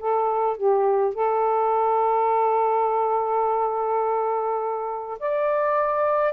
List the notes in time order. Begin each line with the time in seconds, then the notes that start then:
0.00 A4
0.57 G4
1.15 A4
5.20 D5